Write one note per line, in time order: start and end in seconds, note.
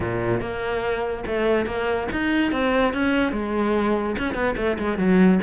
0.00 0.40 A#2
0.40 1.24 A#3
1.27 1.66 A3
1.66 2.07 A#3
2.12 2.52 D#4
2.52 2.93 C4
2.93 3.32 C#4
3.32 4.15 G#3
4.18 4.34 C#4
4.34 4.55 B3
4.56 4.77 A3
4.78 4.98 G#3
4.98 5.39 F#3